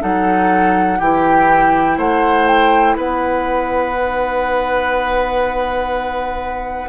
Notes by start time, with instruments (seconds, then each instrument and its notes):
0.00 bassoon F#3, clarinet D#4, oboe A4, flute F#5
0.99 bassoon E3, clarinet E4, oboe G4, flute G5
1.98 bassoon A3, oboe C5, flute F#5
2.47 flute G5
2.97 bassoon B3, oboe B4, flute F#5
3.95 clarinet D#4